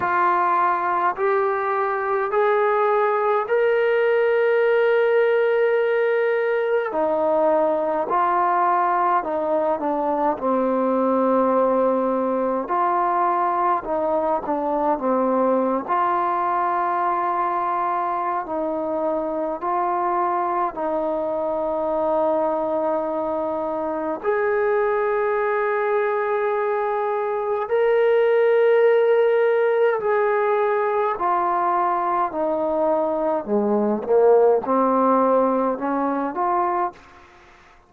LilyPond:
\new Staff \with { instrumentName = "trombone" } { \time 4/4 \tempo 4 = 52 f'4 g'4 gis'4 ais'4~ | ais'2 dis'4 f'4 | dis'8 d'8 c'2 f'4 | dis'8 d'8 c'8. f'2~ f'16 |
dis'4 f'4 dis'2~ | dis'4 gis'2. | ais'2 gis'4 f'4 | dis'4 gis8 ais8 c'4 cis'8 f'8 | }